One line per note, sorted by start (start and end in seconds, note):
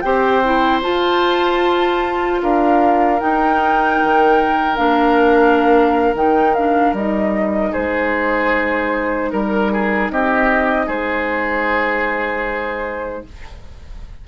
0.00 0.82 C4
0.00 0.43 G4
0.00 2.41 C5
0.00 0.79 G5
0.44 0.82 E4
0.82 3.18 F4
0.82 2.41 F4
0.82 2.40 A5
2.42 3.21 D4
2.42 7.71 A#4
2.42 3.19 F5
3.19 4.76 D#4
3.19 4.00 D#4
3.19 4.76 G5
4.02 4.77 D#3
4.76 6.13 A#3
4.76 6.15 D4
4.76 6.14 F5
6.13 6.92 D#3
6.13 6.55 D#4
6.13 6.54 G5
6.54 6.96 D4
6.54 6.94 F5
6.92 7.71 G3
6.92 13.27 D#4
6.92 7.73 D#5
7.71 9.32 G#3
7.71 9.29 G#4
7.71 9.31 C5
9.31 10.10 G3
9.31 10.10 A#4
9.31 9.72 A#4
9.72 10.11 G#4
10.10 10.87 C4
10.10 10.86 G4
10.10 10.88 D#5
10.86 13.24 G#3
10.86 13.23 G#4
10.86 13.25 C5